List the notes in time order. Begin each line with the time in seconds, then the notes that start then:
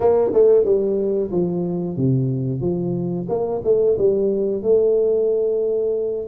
0.00 A#3
0.33 A3
0.64 G3
1.31 F3
1.96 C3
2.60 F3
3.28 A#3
3.64 A3
3.97 G3
4.62 A3